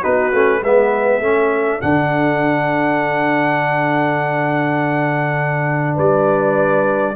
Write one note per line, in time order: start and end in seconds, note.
0.00 0.33 B3
0.00 0.32 D#4
0.00 0.59 F#4
0.00 0.63 B4
0.32 0.62 A3
0.32 0.62 C#4
0.62 1.20 G#3
0.62 1.21 B3
0.62 1.20 B4
0.62 1.81 E5
1.20 1.80 A3
1.20 1.81 C#4
1.20 5.94 A4
1.81 5.98 D3
1.81 7.15 D4
1.81 5.97 F#5
5.94 7.16 G3
5.94 7.13 B4
5.94 7.16 D5